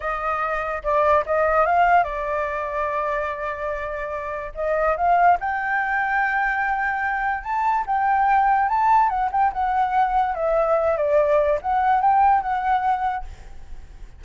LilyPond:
\new Staff \with { instrumentName = "flute" } { \time 4/4 \tempo 4 = 145 dis''2 d''4 dis''4 | f''4 d''2.~ | d''2. dis''4 | f''4 g''2.~ |
g''2 a''4 g''4~ | g''4 a''4 fis''8 g''8 fis''4~ | fis''4 e''4. d''4. | fis''4 g''4 fis''2 | }